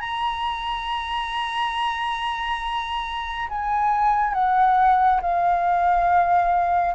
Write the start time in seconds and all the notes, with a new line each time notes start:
0.00 A#5
3.49 G#5
4.34 F#5
5.21 F5